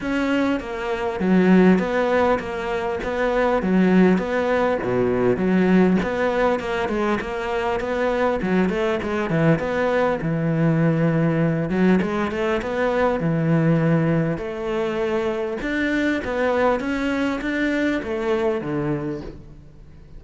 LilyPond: \new Staff \with { instrumentName = "cello" } { \time 4/4 \tempo 4 = 100 cis'4 ais4 fis4 b4 | ais4 b4 fis4 b4 | b,4 fis4 b4 ais8 gis8 | ais4 b4 fis8 a8 gis8 e8 |
b4 e2~ e8 fis8 | gis8 a8 b4 e2 | a2 d'4 b4 | cis'4 d'4 a4 d4 | }